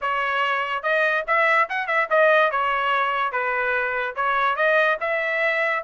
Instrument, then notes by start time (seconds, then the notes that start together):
trumpet
0.01 C#5
0.82 D#5
1.27 E5
1.69 F#5
1.87 E5
2.10 D#5
2.51 C#5
3.31 B4
4.15 C#5
4.55 D#5
5.00 E5